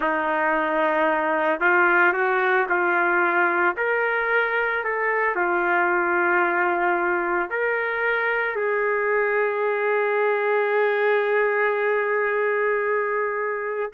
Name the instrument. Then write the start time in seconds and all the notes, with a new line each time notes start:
trumpet
0.00 D#4
1.60 F4
2.13 F#4
2.69 F4
3.76 A#4
4.84 A4
5.35 F4
7.50 A#4
8.55 G#4